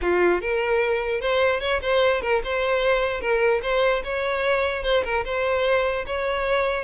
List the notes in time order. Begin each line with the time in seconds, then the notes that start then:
0.01 F4
0.41 A#4
1.20 C5
1.60 C#5
1.81 C5
2.21 A#4
2.44 C5
3.20 A#4
3.62 C5
4.04 C#5
4.83 C5
5.04 A#4
5.24 C5
6.06 C#5